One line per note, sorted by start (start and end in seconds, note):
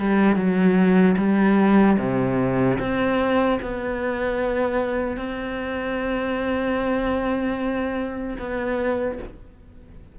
0.00 0.36 G3
0.36 1.16 F#3
1.18 1.98 G3
1.99 2.79 C3
2.80 3.60 C4
3.62 5.17 B3
5.17 8.37 C4
8.39 9.19 B3